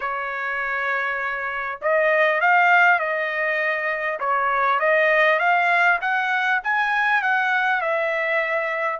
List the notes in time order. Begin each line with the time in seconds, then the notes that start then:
0.00 C#5
1.81 D#5
2.41 F5
2.99 D#5
4.19 C#5
4.79 D#5
5.39 F5
6.01 F#5
6.63 G#5
7.22 F#5
7.81 E5